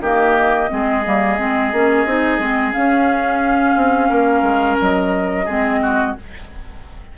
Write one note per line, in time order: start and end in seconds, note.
0.00 0.68 D#3
0.00 0.69 A#3
0.00 0.70 G4
0.00 2.73 D#5
0.69 1.06 G#3
0.69 1.03 C4
0.69 4.09 G#4
1.04 1.38 G3
1.04 1.38 A#3
1.38 1.72 G#3
1.38 1.72 C4
1.72 2.06 A#3
1.72 2.07 C#4
2.06 2.39 C4
2.06 2.40 D#4
2.39 2.73 G#3
2.39 2.72 C4
2.72 5.45 C#4
2.72 3.76 C#4
2.72 4.77 F5
3.76 4.10 C4
4.09 4.42 A#3
4.09 5.45 A#4
4.42 4.76 G#3
4.81 5.47 F#3
4.81 6.17 D#5
5.45 6.15 G#3
5.45 6.16 C4
5.45 5.79 G#4
5.82 6.16 F#4